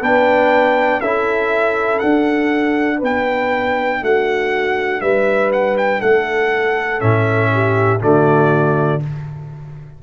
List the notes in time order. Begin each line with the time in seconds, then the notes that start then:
0.00 B3 D4 B4 G5
1.00 C#4 E4 A4 E5
1.99 D4 F#5
2.98 B3 B4 G5
4.02 A3 F#4 F#5
5.01 G3 B4 E5
5.52 F#5
5.77 G5
6.00 A3 A4 F#5
6.99 A2 C#4 E5
7.53 G4
8.00 D3 A3 F#4 D5